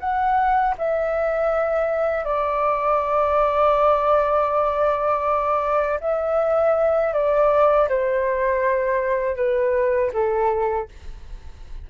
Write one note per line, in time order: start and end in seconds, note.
0.00 0.75 F#5
0.78 2.25 E5
2.25 6.00 D5
6.01 7.14 E5
7.14 7.89 D5
7.89 9.36 C5
9.36 10.11 B4
10.14 10.89 A4